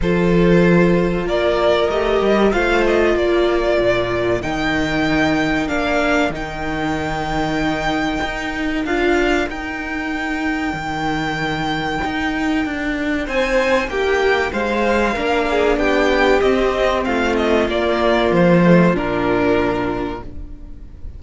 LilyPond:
<<
  \new Staff \with { instrumentName = "violin" } { \time 4/4 \tempo 4 = 95 c''2 d''4 dis''4 | f''8 dis''8 d''2 g''4~ | g''4 f''4 g''2~ | g''2 f''4 g''4~ |
g''1~ | g''4 gis''4 g''4 f''4~ | f''4 g''4 dis''4 f''8 dis''8 | d''4 c''4 ais'2 | }
  \new Staff \with { instrumentName = "violin" } { \time 4/4 a'2 ais'2 | c''4 ais'2.~ | ais'1~ | ais'1~ |
ais'1~ | ais'4 c''4 g'4 c''4 | ais'8 gis'8 g'2 f'4~ | f'1 | }
  \new Staff \with { instrumentName = "viola" } { \time 4/4 f'2. g'4 | f'2. dis'4~ | dis'4 d'4 dis'2~ | dis'2 f'4 dis'4~ |
dis'1~ | dis'1 | d'2 c'2 | ais4. a8 d'2 | }
  \new Staff \with { instrumentName = "cello" } { \time 4/4 f2 ais4 a8 g8 | a4 ais4 ais,4 dis4~ | dis4 ais4 dis2~ | dis4 dis'4 d'4 dis'4~ |
dis'4 dis2 dis'4 | d'4 c'4 ais4 gis4 | ais4 b4 c'4 a4 | ais4 f4 ais,2 | }
>>